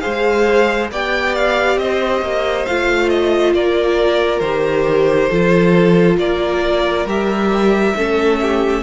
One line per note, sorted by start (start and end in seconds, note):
0.00 0.91 G#3
0.00 0.89 G#4
0.00 0.91 C5
0.00 0.88 F5
0.91 1.78 B3
0.91 2.69 G4
0.91 1.80 D5
0.91 1.36 G5
1.36 1.78 F5
1.78 2.22 C4
1.78 3.56 C5
1.78 2.66 D#5
2.22 2.66 A#3
2.66 3.54 A3
2.66 4.44 F4
2.66 3.09 F5
3.09 3.53 D#5
3.54 4.41 A#3
3.54 5.30 A#4
3.54 4.40 D5
4.40 5.29 D#3
4.40 5.32 G4
4.40 6.17 C5
5.30 6.17 F3
5.30 7.07 F4
5.30 6.18 A4
6.17 7.06 A#3
6.17 7.96 A#4
6.17 7.07 D5
7.06 7.94 G3
7.06 7.96 G4
7.06 8.83 E5
7.96 8.83 A3
7.96 8.83 C#4
7.96 8.40 A4
8.42 8.83 G4